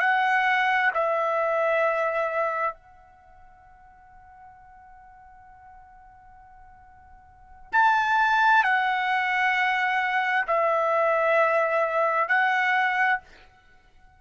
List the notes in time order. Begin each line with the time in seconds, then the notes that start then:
0.00 F#5
0.94 E5
2.74 F#5
7.72 A5
8.64 F#5
10.47 E5
12.29 F#5